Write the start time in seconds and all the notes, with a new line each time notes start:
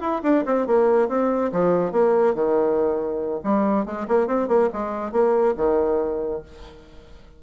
0.00 E4
0.23 D4
0.45 C4
0.66 A#3
1.08 C4
1.52 F3
1.92 A#3
2.34 D#3
3.44 G3
3.85 G#3
4.08 A#3
4.27 C4
4.48 A#3
4.73 G#3
5.12 A#3
5.57 D#3